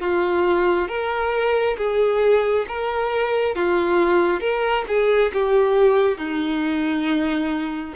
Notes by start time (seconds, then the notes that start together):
0.00 F4
0.88 A#4
1.77 G#4
2.68 A#4
3.55 F4
4.40 A#4
4.87 G#4
5.33 G4
6.18 D#4